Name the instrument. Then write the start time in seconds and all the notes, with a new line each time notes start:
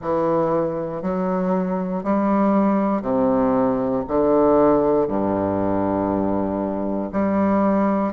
bassoon
0.01 E3
1.02 F#3
2.03 G3
3.02 C3
4.07 D3
5.07 G2
7.12 G3